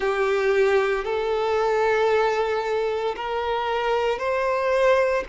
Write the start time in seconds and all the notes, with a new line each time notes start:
0.00 G4
1.04 A4
3.16 A#4
4.18 C5